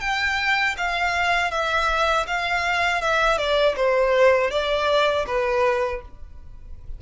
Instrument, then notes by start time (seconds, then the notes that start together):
violin
0.00 G5
0.77 F5
1.51 E5
2.27 F5
3.01 E5
3.38 D5
3.76 C5
4.50 D5
5.26 B4